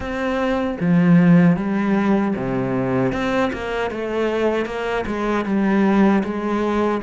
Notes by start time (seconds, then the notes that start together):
0.00 C4
0.80 F3
1.56 G3
2.35 C3
3.12 C4
3.53 A#3
3.90 A3
4.65 A#3
5.06 G#3
5.45 G3
6.23 G#3